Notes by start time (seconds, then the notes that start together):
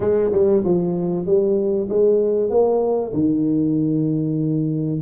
0.00 G#3
0.32 G3
0.64 F3
1.26 G3
1.89 G#3
2.50 A#3
3.12 D#3